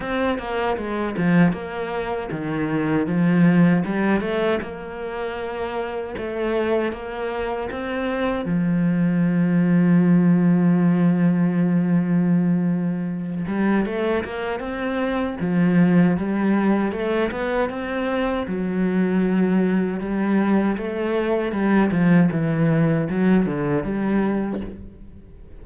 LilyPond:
\new Staff \with { instrumentName = "cello" } { \time 4/4 \tempo 4 = 78 c'8 ais8 gis8 f8 ais4 dis4 | f4 g8 a8 ais2 | a4 ais4 c'4 f4~ | f1~ |
f4. g8 a8 ais8 c'4 | f4 g4 a8 b8 c'4 | fis2 g4 a4 | g8 f8 e4 fis8 d8 g4 | }